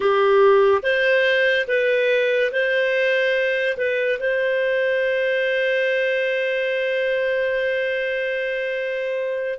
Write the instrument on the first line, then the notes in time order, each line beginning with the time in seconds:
clarinet
0.00 G4
0.83 C5
1.67 B4
2.52 C5
3.77 B4
4.19 C5